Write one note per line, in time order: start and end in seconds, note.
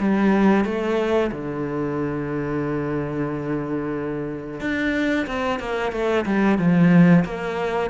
0.00 0.65 G3
0.65 1.31 A3
1.32 4.61 D3
4.61 5.27 D4
5.27 5.60 C4
5.60 5.92 A#3
5.92 6.25 A3
6.26 6.59 G3
6.59 7.25 F3
7.25 7.91 A#3